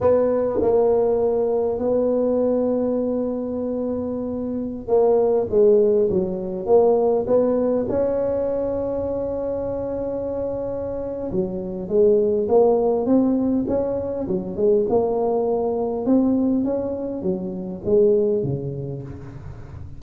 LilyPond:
\new Staff \with { instrumentName = "tuba" } { \time 4/4 \tempo 4 = 101 b4 ais2 b4~ | b1~ | b16 ais4 gis4 fis4 ais8.~ | ais16 b4 cis'2~ cis'8.~ |
cis'2. fis4 | gis4 ais4 c'4 cis'4 | fis8 gis8 ais2 c'4 | cis'4 fis4 gis4 cis4 | }